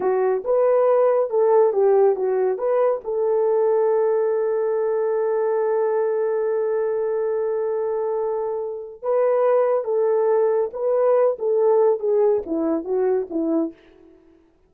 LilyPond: \new Staff \with { instrumentName = "horn" } { \time 4/4 \tempo 4 = 140 fis'4 b'2 a'4 | g'4 fis'4 b'4 a'4~ | a'1~ | a'1~ |
a'1~ | a'4 b'2 a'4~ | a'4 b'4. a'4. | gis'4 e'4 fis'4 e'4 | }